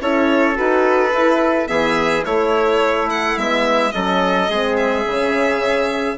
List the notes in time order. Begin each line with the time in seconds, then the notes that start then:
0.00 C#4 E4 A4 C#5
0.55 D#4 F#4 B4
1.12 E4
1.67 E3 B3 G#4 E5
2.23 A3 E4 C#5
3.10 F#5
3.37 G#3 B3 E5
3.91 F#3 C#4 A4 D#5
4.49 G#3 C4 G#4
4.77 E5
5.04 C#3 C#4